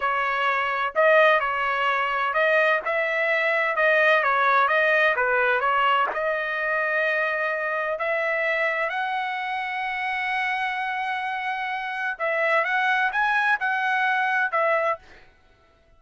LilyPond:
\new Staff \with { instrumentName = "trumpet" } { \time 4/4 \tempo 4 = 128 cis''2 dis''4 cis''4~ | cis''4 dis''4 e''2 | dis''4 cis''4 dis''4 b'4 | cis''4 dis''2.~ |
dis''4 e''2 fis''4~ | fis''1~ | fis''2 e''4 fis''4 | gis''4 fis''2 e''4 | }